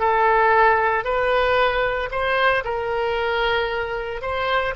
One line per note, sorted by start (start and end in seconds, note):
0.00 1.05 A4
1.05 2.10 B4
2.11 2.64 C5
2.65 4.22 A#4
4.22 4.75 C5